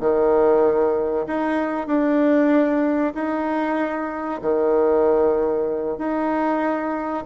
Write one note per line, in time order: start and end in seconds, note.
0.00 1.26 D#3
1.27 1.87 D#4
1.87 3.13 D4
3.15 4.41 D#4
4.42 5.98 D#3
5.98 7.24 D#4